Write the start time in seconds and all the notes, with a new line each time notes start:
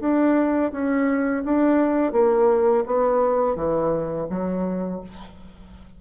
0.00 D4
0.72 C#4
1.44 D4
2.12 A#3
2.86 B3
3.56 E3
4.29 F#3